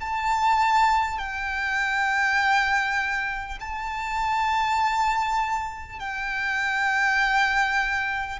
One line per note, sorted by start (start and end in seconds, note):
0.00 1.18 A5
1.18 3.58 G5
3.61 5.99 A5
5.99 8.39 G5